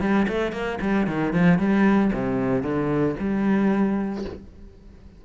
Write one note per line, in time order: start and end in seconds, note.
0.00 0.26 G3
0.28 0.52 A3
0.52 0.78 A#3
0.81 1.07 G3
1.07 1.33 D#3
1.33 1.58 F3
1.58 2.11 G3
2.12 2.62 C3
2.62 3.15 D3
3.19 4.24 G3